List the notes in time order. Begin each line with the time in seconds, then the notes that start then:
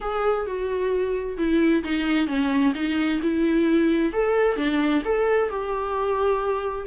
0.01 G#4
0.46 F#4
1.37 E4
1.83 D#4
2.27 C#4
2.74 D#4
3.22 E4
4.12 A4
4.56 D4
5.04 A4
5.49 G4